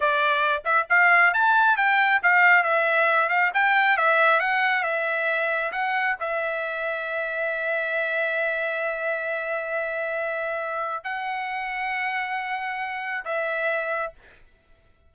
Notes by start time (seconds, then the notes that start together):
0.00 D5
0.64 E5
0.89 F5
1.33 A5
1.76 G5
2.22 F5
2.63 E5
3.29 F5
3.54 G5
3.97 E5
4.40 F#5
4.83 E5
5.72 F#5
6.20 E5
11.04 F#5
13.24 E5